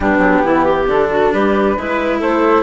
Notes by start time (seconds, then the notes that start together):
0.00 G3 B3 D4 G4
0.18 F#3
0.44 E3 E4
0.64 G4
0.86 D3 D4 A4
1.10 F#4
1.32 G3 G4 B4
1.76 G#3 E4 B4
2.18 A3 A4 C5